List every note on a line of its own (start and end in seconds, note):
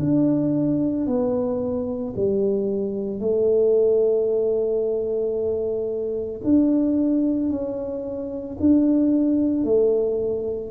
0.00 1.07 D4
1.07 2.14 B3
2.17 3.20 G3
3.20 6.41 A3
6.44 7.50 D4
7.50 8.58 C#4
8.61 9.64 D4
9.64 10.71 A3